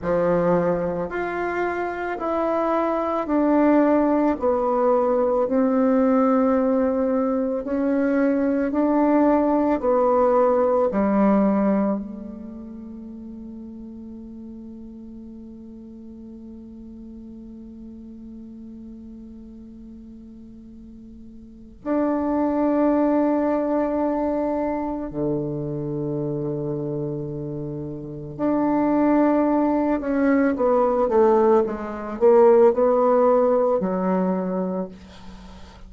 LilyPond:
\new Staff \with { instrumentName = "bassoon" } { \time 4/4 \tempo 4 = 55 f4 f'4 e'4 d'4 | b4 c'2 cis'4 | d'4 b4 g4 a4~ | a1~ |
a1 | d'2. d4~ | d2 d'4. cis'8 | b8 a8 gis8 ais8 b4 fis4 | }